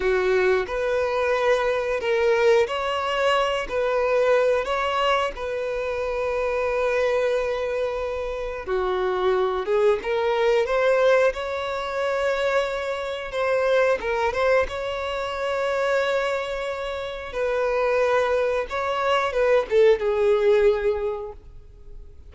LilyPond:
\new Staff \with { instrumentName = "violin" } { \time 4/4 \tempo 4 = 90 fis'4 b'2 ais'4 | cis''4. b'4. cis''4 | b'1~ | b'4 fis'4. gis'8 ais'4 |
c''4 cis''2. | c''4 ais'8 c''8 cis''2~ | cis''2 b'2 | cis''4 b'8 a'8 gis'2 | }